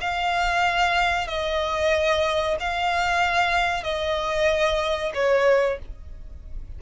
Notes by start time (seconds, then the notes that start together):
0.00 F5
1.27 D#5
2.60 F5
3.83 D#5
5.14 C#5